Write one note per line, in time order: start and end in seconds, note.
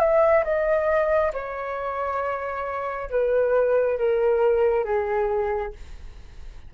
0.00 0.44 E5
0.45 1.33 D#5
1.34 3.10 C#5
3.10 3.99 B4
3.99 4.85 A#4
4.85 5.73 G#4